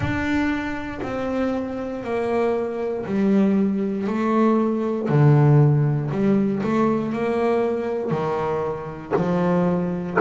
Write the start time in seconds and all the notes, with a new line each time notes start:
0.00 D4
1.02 C4
2.03 A#3
3.05 G3
4.07 A3
5.08 D3
6.11 G3
6.63 A3
7.12 A#3
8.11 D#3
9.15 F3